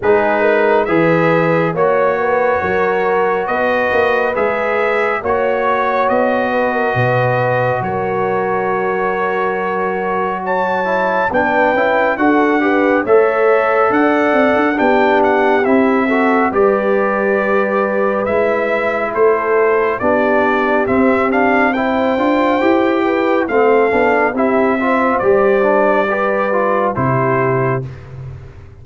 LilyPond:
<<
  \new Staff \with { instrumentName = "trumpet" } { \time 4/4 \tempo 4 = 69 b'4 e''4 cis''2 | dis''4 e''4 cis''4 dis''4~ | dis''4 cis''2. | a''4 g''4 fis''4 e''4 |
fis''4 g''8 fis''8 e''4 d''4~ | d''4 e''4 c''4 d''4 | e''8 f''8 g''2 f''4 | e''4 d''2 c''4 | }
  \new Staff \with { instrumentName = "horn" } { \time 4/4 gis'8 ais'8 b'4 cis''8 b'8 ais'4 | b'2 cis''4. b'16 ais'16 | b'4 ais'2. | cis''4 b'4 a'8 b'8 cis''4 |
d''4 g'4. a'8 b'4~ | b'2 a'4 g'4~ | g'4 c''4. b'8 a'4 | g'8 c''4. b'4 g'4 | }
  \new Staff \with { instrumentName = "trombone" } { \time 4/4 dis'4 gis'4 fis'2~ | fis'4 gis'4 fis'2~ | fis'1~ | fis'8 e'8 d'8 e'8 fis'8 g'8 a'4~ |
a'4 d'4 e'8 fis'8 g'4~ | g'4 e'2 d'4 | c'8 d'8 e'8 f'8 g'4 c'8 d'8 | e'8 f'8 g'8 d'8 g'8 f'8 e'4 | }
  \new Staff \with { instrumentName = "tuba" } { \time 4/4 gis4 e4 ais4 fis4 | b8 ais8 gis4 ais4 b4 | b,4 fis2.~ | fis4 b8 cis'8 d'4 a4 |
d'8 c'16 d'16 b4 c'4 g4~ | g4 gis4 a4 b4 | c'4. d'8 e'4 a8 b8 | c'4 g2 c4 | }
>>